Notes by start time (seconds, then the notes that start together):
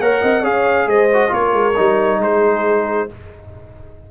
0.00 A#3 A#4 C#5 F#5
0.22 C4 D#5
0.42 C#4 G#4 C#5 F5
0.87 G#3 C5 D#5
1.14 F#4
1.29 A#3 F4 A#4 C#5
1.53 G#3
1.76 G3 D#4
2.18 G#3 G#4 C5